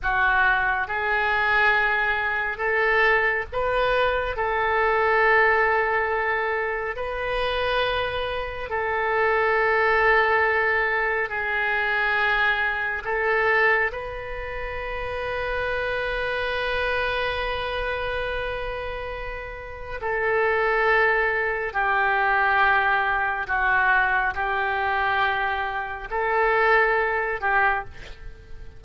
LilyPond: \new Staff \with { instrumentName = "oboe" } { \time 4/4 \tempo 4 = 69 fis'4 gis'2 a'4 | b'4 a'2. | b'2 a'2~ | a'4 gis'2 a'4 |
b'1~ | b'2. a'4~ | a'4 g'2 fis'4 | g'2 a'4. g'8 | }